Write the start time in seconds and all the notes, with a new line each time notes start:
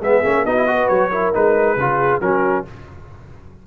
0.00 G#3 B3 G#4 E5
0.24 A#3 C#4
0.45 B3 D#4 F#4 D#5
0.56 E4
0.67 F#4 B4
0.88 F#3 C#5
1.11 E4 A#4
1.33 G#3 D#4 B4
1.76 C#3 F4 G#4
2.21 F#3 C#4 F#4 A#4